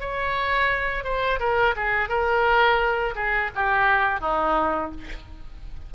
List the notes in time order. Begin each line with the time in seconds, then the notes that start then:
0.00 C#5
1.04 C5
1.40 A#4
1.76 G#4
2.09 A#4
3.15 G#4
3.55 G4
4.20 D#4